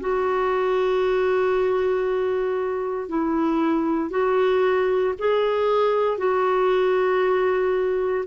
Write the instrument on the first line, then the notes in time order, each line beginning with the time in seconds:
clarinet
0.00 F#4
3.08 E4
4.11 F#4
5.19 G#4
6.18 F#4